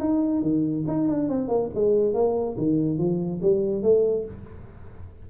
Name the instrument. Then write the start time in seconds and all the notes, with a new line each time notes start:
tuba
0.00 D#4
0.42 D#3
0.87 D#4
1.08 D4
1.29 C4
1.48 A#3
1.74 G#3
2.14 A#3
2.57 D#3
2.98 F3
3.42 G3
3.82 A3